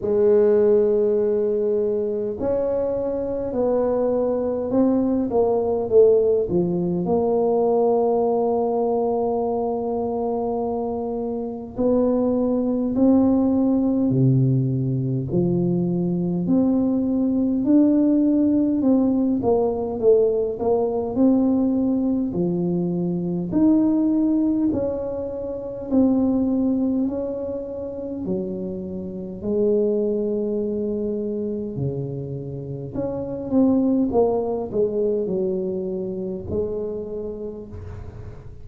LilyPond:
\new Staff \with { instrumentName = "tuba" } { \time 4/4 \tempo 4 = 51 gis2 cis'4 b4 | c'8 ais8 a8 f8 ais2~ | ais2 b4 c'4 | c4 f4 c'4 d'4 |
c'8 ais8 a8 ais8 c'4 f4 | dis'4 cis'4 c'4 cis'4 | fis4 gis2 cis4 | cis'8 c'8 ais8 gis8 fis4 gis4 | }